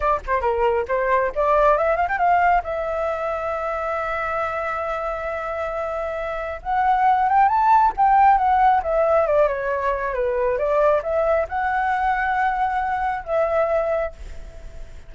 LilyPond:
\new Staff \with { instrumentName = "flute" } { \time 4/4 \tempo 4 = 136 d''8 c''8 ais'4 c''4 d''4 | e''8 f''16 g''16 f''4 e''2~ | e''1~ | e''2. fis''4~ |
fis''8 g''8 a''4 g''4 fis''4 | e''4 d''8 cis''4. b'4 | d''4 e''4 fis''2~ | fis''2 e''2 | }